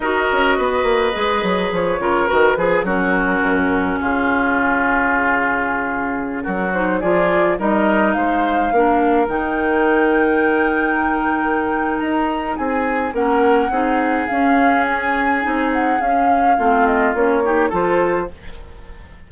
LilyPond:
<<
  \new Staff \with { instrumentName = "flute" } { \time 4/4 \tempo 4 = 105 dis''2. cis''4 | b'4 ais'2 gis'4~ | gis'2.~ gis'16 ais'8 c''16~ | c''16 d''4 dis''4 f''4.~ f''16~ |
f''16 g''2.~ g''8.~ | g''4 ais''4 gis''4 fis''4~ | fis''4 f''4 gis''4. fis''8 | f''4. dis''8 cis''4 c''4 | }
  \new Staff \with { instrumentName = "oboe" } { \time 4/4 ais'4 b'2~ b'8 ais'8~ | ais'8 gis'8 fis'2 f'4~ | f'2.~ f'16 fis'8.~ | fis'16 gis'4 ais'4 c''4 ais'8.~ |
ais'1~ | ais'2 gis'4 ais'4 | gis'1~ | gis'4 f'4. g'8 a'4 | }
  \new Staff \with { instrumentName = "clarinet" } { \time 4/4 fis'2 gis'4. f'8 | fis'8 gis'8 cis'2.~ | cis'2.~ cis'8. dis'16~ | dis'16 f'4 dis'2 d'8.~ |
d'16 dis'2.~ dis'8.~ | dis'2. cis'4 | dis'4 cis'2 dis'4 | cis'4 c'4 cis'8 dis'8 f'4 | }
  \new Staff \with { instrumentName = "bassoon" } { \time 4/4 dis'8 cis'8 b8 ais8 gis8 fis8 f8 cis8 | dis8 f8 fis4 fis,4 cis4~ | cis2.~ cis16 fis8.~ | fis16 f4 g4 gis4 ais8.~ |
ais16 dis2.~ dis8.~ | dis4 dis'4 c'4 ais4 | c'4 cis'2 c'4 | cis'4 a4 ais4 f4 | }
>>